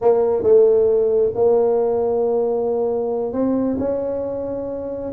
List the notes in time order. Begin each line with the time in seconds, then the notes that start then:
0.01 A#3
0.43 A3
1.34 A#3
3.32 C4
3.79 C#4